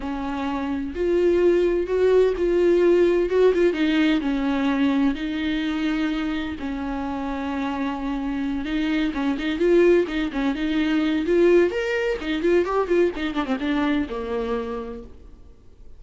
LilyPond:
\new Staff \with { instrumentName = "viola" } { \time 4/4 \tempo 4 = 128 cis'2 f'2 | fis'4 f'2 fis'8 f'8 | dis'4 cis'2 dis'4~ | dis'2 cis'2~ |
cis'2~ cis'8 dis'4 cis'8 | dis'8 f'4 dis'8 cis'8 dis'4. | f'4 ais'4 dis'8 f'8 g'8 f'8 | dis'8 d'16 c'16 d'4 ais2 | }